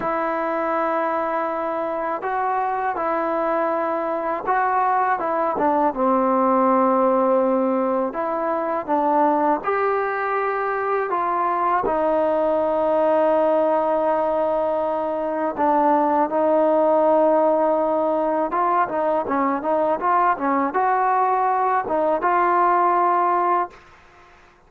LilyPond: \new Staff \with { instrumentName = "trombone" } { \time 4/4 \tempo 4 = 81 e'2. fis'4 | e'2 fis'4 e'8 d'8 | c'2. e'4 | d'4 g'2 f'4 |
dis'1~ | dis'4 d'4 dis'2~ | dis'4 f'8 dis'8 cis'8 dis'8 f'8 cis'8 | fis'4. dis'8 f'2 | }